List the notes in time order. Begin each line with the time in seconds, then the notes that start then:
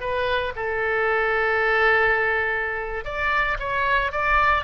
0.00 B4
0.56 A4
3.05 D5
3.59 C#5
4.11 D5